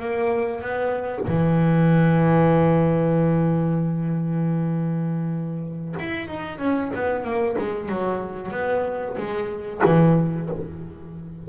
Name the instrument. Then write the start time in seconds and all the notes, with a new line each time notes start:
double bass
0.00 A#3
0.62 B3
1.28 E3
5.99 E4
6.28 D#4
6.59 C#4
6.95 B3
7.24 A#3
7.59 G#3
7.89 F#3
8.52 B3
9.18 G#3
9.85 E3